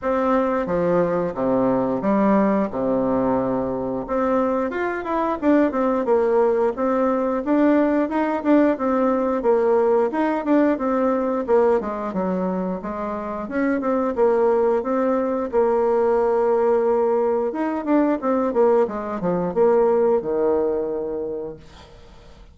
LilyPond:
\new Staff \with { instrumentName = "bassoon" } { \time 4/4 \tempo 4 = 89 c'4 f4 c4 g4 | c2 c'4 f'8 e'8 | d'8 c'8 ais4 c'4 d'4 | dis'8 d'8 c'4 ais4 dis'8 d'8 |
c'4 ais8 gis8 fis4 gis4 | cis'8 c'8 ais4 c'4 ais4~ | ais2 dis'8 d'8 c'8 ais8 | gis8 f8 ais4 dis2 | }